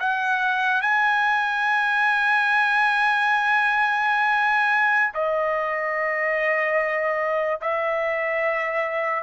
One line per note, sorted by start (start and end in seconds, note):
0.00 0.82 F#5
0.82 5.14 G#5
5.14 7.61 D#5
7.62 9.23 E5